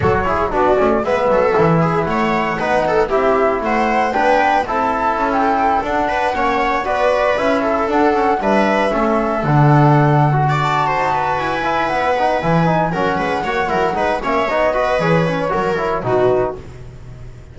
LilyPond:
<<
  \new Staff \with { instrumentName = "flute" } { \time 4/4 \tempo 4 = 116 cis''4 d''4 e''2 | fis''2 e''4 fis''4 | g''4 a''4~ a''16 g''4 fis''8.~ | fis''4~ fis''16 d''4 e''4 fis''8.~ |
fis''16 e''2 fis''4.~ fis''16~ | fis''8 a''4. gis''4 fis''4 | gis''4 fis''2~ fis''8 e''8 | dis''4 cis''2 b'4 | }
  \new Staff \with { instrumentName = "viola" } { \time 4/4 a'8 gis'8 fis'4 b'8 a'4 gis'8 | cis''4 b'8 a'8 g'4 c''4 | b'4 a'2~ a'8. b'16~ | b'16 cis''4 b'4. a'4~ a'16~ |
a'16 b'4 a'2~ a'8.~ | a'16 d''8. c''8 b'2~ b'8~ | b'4 ais'8 b'8 cis''8 ais'8 b'8 cis''8~ | cis''8 b'4. ais'4 fis'4 | }
  \new Staff \with { instrumentName = "trombone" } { \time 4/4 fis'8 e'8 d'8 cis'8 b4 e'4~ | e'4 dis'4 e'2 | d'4 e'2~ e'16 d'8.~ | d'16 cis'4 fis'4 e'4 d'8 cis'16~ |
cis'16 d'4 cis'4 d'4.~ d'16 | fis'2~ fis'8 e'4 dis'8 | e'8 dis'8 cis'4 fis'8 e'8 dis'8 cis'8 | dis'8 fis'8 gis'8 cis'8 fis'8 e'8 dis'4 | }
  \new Staff \with { instrumentName = "double bass" } { \time 4/4 fis4 b8 a8 gis8 fis8 e4 | a4 b4 c'4 a4 | b4 c'4 cis'4~ cis'16 d'8.~ | d'16 ais4 b4 cis'4 d'8.~ |
d'16 g4 a4 d4.~ d16~ | d4~ d16 dis'8. e'4 b4 | e4 fis8 gis8 ais8 fis8 gis8 ais8 | b4 e4 fis4 b,4 | }
>>